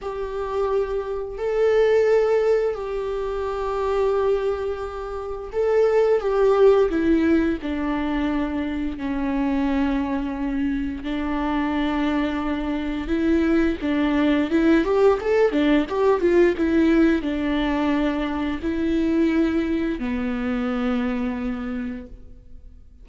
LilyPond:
\new Staff \with { instrumentName = "viola" } { \time 4/4 \tempo 4 = 87 g'2 a'2 | g'1 | a'4 g'4 e'4 d'4~ | d'4 cis'2. |
d'2. e'4 | d'4 e'8 g'8 a'8 d'8 g'8 f'8 | e'4 d'2 e'4~ | e'4 b2. | }